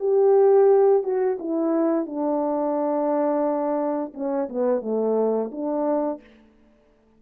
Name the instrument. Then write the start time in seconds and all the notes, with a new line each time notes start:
horn
0.00 G4
1.03 F#4
1.39 E4
2.06 D4
4.14 C#4
4.50 B3
4.82 A3
5.52 D4